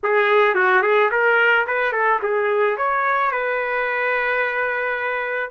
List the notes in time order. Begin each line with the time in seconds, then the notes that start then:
0.03 G#4
0.54 F#4
0.82 G#4
1.11 A#4
1.67 B4
1.92 A4
2.22 G#4
2.77 C#5
3.31 B4